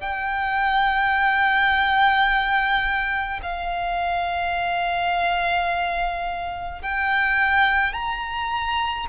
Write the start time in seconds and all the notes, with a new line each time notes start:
0.00 G5
3.42 F5
6.81 G5
7.92 A#5